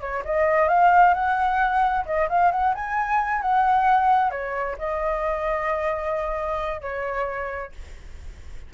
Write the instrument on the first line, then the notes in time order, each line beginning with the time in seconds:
flute
0.00 C#5
0.24 D#5
0.68 F5
1.13 F#5
2.05 D#5
2.29 F5
2.51 F#5
2.74 G#5
3.41 F#5
4.31 C#5
4.78 D#5
6.81 C#5